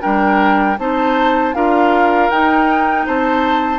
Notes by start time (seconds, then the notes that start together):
0.00 G3 D4 A#4 G5
0.78 C4 D#4 C5 A5
1.54 D4 F4 A#4 F5
2.30 D#4 G5
3.06 C4 C5 A5